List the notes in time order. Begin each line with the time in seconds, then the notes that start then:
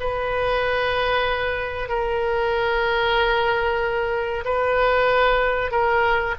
0.00 B4
1.89 A#4
4.45 B4
5.71 A#4